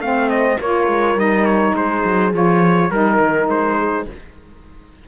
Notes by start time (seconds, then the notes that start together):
0.00 A3 C4 C5 F5
0.29 D#5
0.59 A#3 F4 A#4 C#5
0.88 G#3
1.15 G3 D#4 D#5
1.46 C#5
1.75 G#3 G#4 C5
2.05 F#3
2.33 F3 F4 C#5
2.90 G3 D#4 A#4
3.19 D#3
3.48 G#3 C5
3.79 G#4